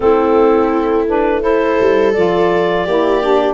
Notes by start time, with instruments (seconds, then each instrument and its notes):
0.00 tuba A3, saxophone C4, viola E4, clarinet A4
1.07 saxophone D4, clarinet B4
1.41 saxophone E4, viola A4, clarinet C5
1.80 tuba G3
2.13 tuba F3, saxophone F4, clarinet D5
2.84 tuba A#3, saxophone E4, viola G4
3.22 saxophone D4